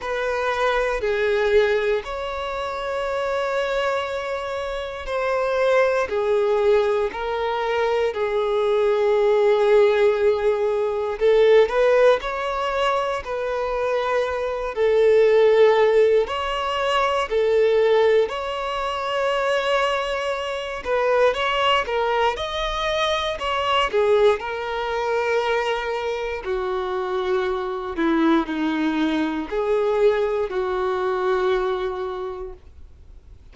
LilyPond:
\new Staff \with { instrumentName = "violin" } { \time 4/4 \tempo 4 = 59 b'4 gis'4 cis''2~ | cis''4 c''4 gis'4 ais'4 | gis'2. a'8 b'8 | cis''4 b'4. a'4. |
cis''4 a'4 cis''2~ | cis''8 b'8 cis''8 ais'8 dis''4 cis''8 gis'8 | ais'2 fis'4. e'8 | dis'4 gis'4 fis'2 | }